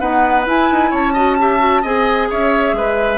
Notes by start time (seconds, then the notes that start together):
0.00 B3 D#4 B4 F#5
0.46 E4 G#5
0.72 D#4
0.91 C#4 C#5 A5
1.13 F#4 D#5
1.40 G4 E5
1.59 F#4
1.82 C4 G#4 D#5 G#5
2.30 C#4 C#5 E5
2.73 G#3 B4